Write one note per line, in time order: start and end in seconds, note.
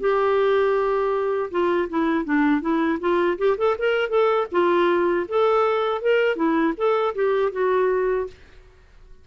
0.00 1.50 G4
1.51 1.89 F4
1.90 2.25 E4
2.25 2.61 D4
2.61 2.99 E4
3.00 3.38 F4
3.39 3.57 G4
3.58 3.77 A4
3.79 4.10 A#4
4.10 4.47 A4
4.52 5.27 F4
5.29 6.02 A4
6.02 6.36 A#4
6.36 6.74 E4
6.77 7.15 A4
7.15 7.52 G4
7.52 8.27 F#4